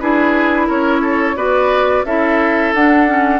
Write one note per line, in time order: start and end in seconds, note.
0.00 0.70 D4
0.00 1.36 E4
0.00 0.67 G#4
0.00 0.68 B4
0.67 1.36 C#4
0.67 1.01 A#4
0.67 1.36 C#5
1.01 1.35 A4
1.36 2.04 B3
1.36 2.04 F#4
1.36 2.05 B4
1.36 2.04 D5
2.05 2.73 C#4
2.05 2.75 E4
2.05 3.39 A4
2.05 2.73 E5
2.74 3.39 D4
2.74 3.07 D4
2.74 3.39 F#5
3.07 3.39 C#4